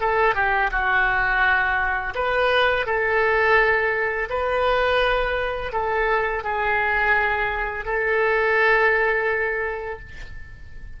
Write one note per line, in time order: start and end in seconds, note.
0.00 0.34 A4
0.34 0.70 G4
0.71 2.14 F#4
2.14 2.85 B4
2.85 4.28 A4
4.29 5.72 B4
5.72 6.43 A4
6.43 7.85 G#4
7.85 9.99 A4